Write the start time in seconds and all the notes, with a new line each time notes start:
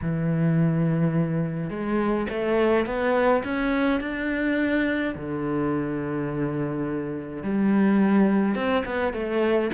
0.01 E3
1.70 G#3
2.29 A3
2.86 B3
3.43 C#4
4.00 D4
5.15 D3
7.43 G3
8.55 C4
8.85 B3
9.13 A3